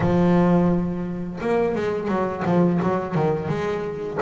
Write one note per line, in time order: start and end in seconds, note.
0.00 1.39 F3
1.40 1.75 A#3
1.75 2.08 G#3
2.08 2.43 F#3
2.45 2.80 F3
2.82 3.14 F#3
3.14 3.48 D#3
3.48 4.18 G#3